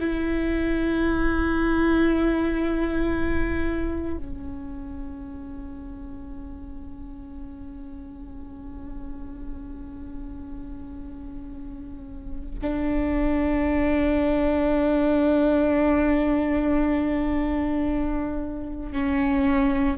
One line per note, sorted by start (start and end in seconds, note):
0.00 4.18 E4
4.18 12.60 C#4
12.62 18.92 D4
18.92 19.98 C#4